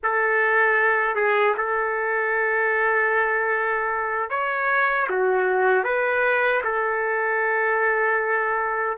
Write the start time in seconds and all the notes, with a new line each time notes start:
0.03 A4
1.15 G#4
1.57 A4
4.30 C#5
5.09 F#4
5.84 B4
6.64 A4